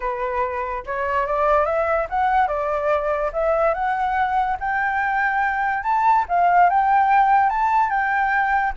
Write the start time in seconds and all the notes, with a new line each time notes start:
0.00 B4
0.86 C#5
1.26 D5
1.65 E5
2.09 F#5
2.47 D5
3.33 E5
3.74 F#5
4.59 G5
5.83 A5
6.28 F5
6.69 G5
7.49 A5
7.90 G5